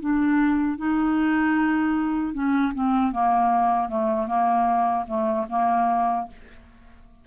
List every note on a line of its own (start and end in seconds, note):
0.00 0.78 D4
0.78 2.33 D#4
2.33 2.72 C#4
2.74 3.12 C4
3.12 3.89 A#3
3.89 4.27 A3
4.27 5.05 A#3
5.07 5.46 A3
5.49 6.27 A#3